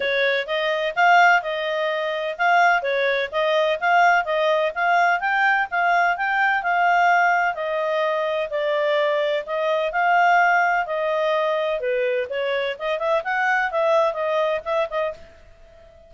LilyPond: \new Staff \with { instrumentName = "clarinet" } { \time 4/4 \tempo 4 = 127 cis''4 dis''4 f''4 dis''4~ | dis''4 f''4 cis''4 dis''4 | f''4 dis''4 f''4 g''4 | f''4 g''4 f''2 |
dis''2 d''2 | dis''4 f''2 dis''4~ | dis''4 b'4 cis''4 dis''8 e''8 | fis''4 e''4 dis''4 e''8 dis''8 | }